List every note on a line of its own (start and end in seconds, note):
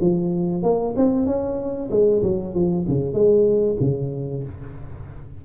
0.00 0.62 F3
0.62 0.94 A#3
0.96 1.26 C4
1.26 1.89 C#4
1.90 2.22 G#3
2.22 2.54 F#3
2.54 2.85 F3
2.88 3.13 C#3
3.13 3.76 G#3
3.80 4.43 C#3